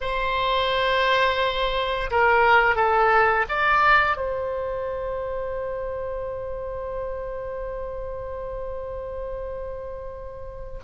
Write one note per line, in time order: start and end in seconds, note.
0.01 2.10 C5
2.10 2.75 A#4
2.75 3.45 A4
3.49 4.17 D5
4.17 10.79 C5